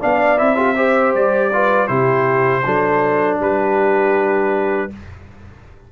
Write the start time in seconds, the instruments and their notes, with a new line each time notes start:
0.00 tuba B3, trombone D4, horn D5, trumpet F5
0.37 tuba C4, trombone E4, trumpet E5
0.56 trombone F4, horn G4
0.76 trombone G4, horn C5
1.14 tuba G3, trumpet D5
1.53 trombone F4, horn B4
1.87 tuba C3, trombone E4, horn G4, trumpet C5
2.65 tuba F#3, trombone D4, horn A4
3.39 tuba G3, horn G4, trumpet B4